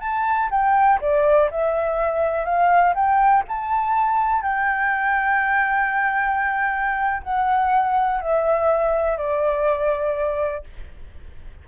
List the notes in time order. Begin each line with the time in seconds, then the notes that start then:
0.00 A5
0.50 G5
1.01 D5
1.50 E5
2.45 F5
2.94 G5
3.48 A5
4.42 G5
7.23 F#5
8.20 E5
9.17 D5